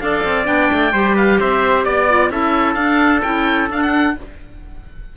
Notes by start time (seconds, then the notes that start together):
0.00 D4 A4 D5 F5
0.24 C4
0.44 B3 D4 G5
0.72 A3
0.92 G3 G4 C5
1.14 B4 F5
1.39 C4 C5 E5
1.84 B3 D5
2.09 F4
2.29 C#4 E4 A4 E5
2.74 D4 F5
3.22 C#4 E4 G5
3.68 D4 F5
3.82 F#5